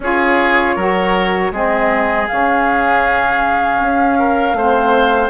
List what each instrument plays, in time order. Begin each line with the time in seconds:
0.00 bassoon C#4, saxophone F4, oboe G#4, flute C#5
0.75 bassoon F#3, saxophone F#4, oboe A#4
1.51 bassoon G#3, saxophone C4, oboe G#4, flute D#5
2.27 bassoon C#3, saxophone C#4, flute F5
3.80 bassoon C#4
4.19 oboe A#4
4.53 bassoon A3, saxophone C4, oboe C5